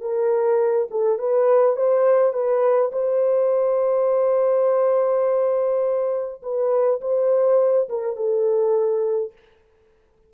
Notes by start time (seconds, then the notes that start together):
0.00 A#4
0.90 A4
1.18 B4
1.76 C5
2.32 B4
2.92 C5
6.42 B4
7.01 C5
7.89 A#4
8.16 A4